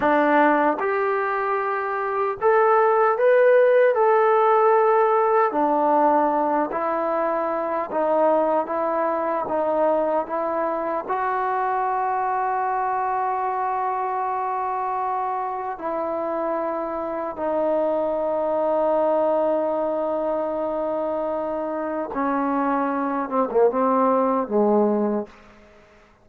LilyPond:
\new Staff \with { instrumentName = "trombone" } { \time 4/4 \tempo 4 = 76 d'4 g'2 a'4 | b'4 a'2 d'4~ | d'8 e'4. dis'4 e'4 | dis'4 e'4 fis'2~ |
fis'1 | e'2 dis'2~ | dis'1 | cis'4. c'16 ais16 c'4 gis4 | }